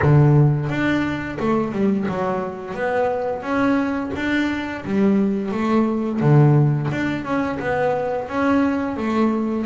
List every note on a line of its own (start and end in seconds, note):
0.02 0.69 D3
0.69 1.38 D4
1.39 1.72 A3
1.72 2.07 G3
2.08 2.74 F#3
2.74 3.42 B3
3.42 4.11 C#4
4.15 4.84 D4
4.84 5.51 G3
5.51 6.20 A3
6.20 6.89 D3
6.91 7.24 D4
7.24 7.59 C#4
7.59 8.28 B3
8.28 8.97 C#4
8.97 9.66 A3